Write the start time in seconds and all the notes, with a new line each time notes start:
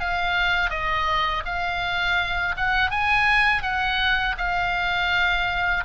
0.00 F5
0.70 D#5
1.46 F5
2.57 F#5
2.91 G#5
3.63 F#5
4.38 F5